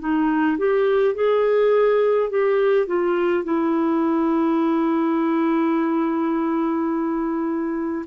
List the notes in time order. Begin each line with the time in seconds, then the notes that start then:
0.00 D#4
0.58 G4
1.15 G#4
2.30 G4
2.87 F4
3.44 E4